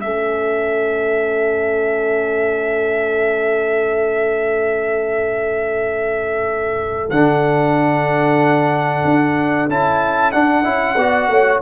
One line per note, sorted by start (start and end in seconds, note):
0.00 7.10 A3
0.00 7.10 C#4
0.00 10.98 A4
0.00 7.10 E5
7.10 9.03 D3
7.10 9.69 D4
7.10 9.68 F#5
9.04 9.68 D4
9.68 10.33 C#4
9.68 10.33 E4
9.68 10.31 A5
10.31 10.63 D4
10.31 10.64 D4
10.31 11.60 F#5
10.63 10.96 C#4
10.63 10.96 E4
10.96 11.28 B3
10.96 11.62 F#4
10.96 11.30 D5
11.28 11.60 A3
11.28 11.62 C#5